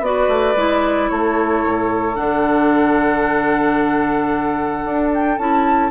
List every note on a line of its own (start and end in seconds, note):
0.00 0.27 B3
0.00 0.56 F#4
0.00 1.10 B4
0.00 1.09 D5
0.28 0.55 A3
0.56 1.09 G#3
0.56 2.14 E4
1.09 1.64 A3
1.09 5.91 A4
1.09 2.15 C#5
1.65 2.18 A2
2.14 4.85 D3
2.14 5.36 D4
2.14 5.10 F#5
4.85 5.38 D4
5.14 5.38 G5
5.38 5.91 C#4
5.38 5.91 E4
5.38 5.91 A5